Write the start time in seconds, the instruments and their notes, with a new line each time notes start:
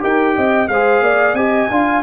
0.00 tuba D#4, trombone G4, horn A#4, trumpet G5
0.36 tuba C4, horn D#5
0.68 tuba G#3, trombone G#4, horn C5, trumpet F5
1.01 tuba A#3, horn D5
1.34 tuba C4, trombone G4, horn D#5, trumpet G#5
1.71 tuba D4, trombone F4, horn F5